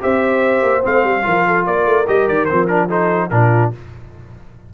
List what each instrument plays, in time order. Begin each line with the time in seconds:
0.00 tuba C4, trombone G4, horn C5, trumpet E5
0.62 tuba A#3
0.81 tuba A3, trombone C4, trumpet F5
1.03 tuba G3
1.22 tuba F3, trombone F4, horn A#4
1.46 horn A4
1.65 tuba A#3, horn A#4, trumpet D5
1.85 tuba A3
2.07 tuba G3, trombone G4, trumpet D#5
2.28 tuba D#3, trumpet D5
2.45 trombone C4, trumpet C5
2.52 tuba F3
2.67 trombone D4, trumpet A#4
2.87 trombone D#4, horn A4, trumpet C5
3.30 tuba A#2, trombone D4, horn F4, trumpet A#4